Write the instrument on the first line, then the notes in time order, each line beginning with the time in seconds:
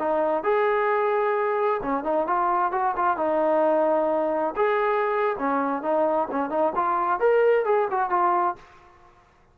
trombone
0.00 D#4
0.44 G#4
1.83 C#4
2.04 D#4
2.27 F4
2.72 F#4
2.97 F4
3.18 D#4
4.57 G#4
5.39 C#4
5.83 D#4
6.32 C#4
6.50 D#4
6.76 F4
7.20 A#4
7.66 G#4
7.91 F#4
8.10 F4